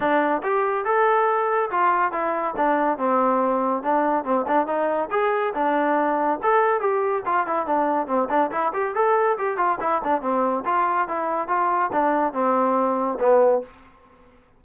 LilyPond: \new Staff \with { instrumentName = "trombone" } { \time 4/4 \tempo 4 = 141 d'4 g'4 a'2 | f'4 e'4 d'4 c'4~ | c'4 d'4 c'8 d'8 dis'4 | gis'4 d'2 a'4 |
g'4 f'8 e'8 d'4 c'8 d'8 | e'8 g'8 a'4 g'8 f'8 e'8 d'8 | c'4 f'4 e'4 f'4 | d'4 c'2 b4 | }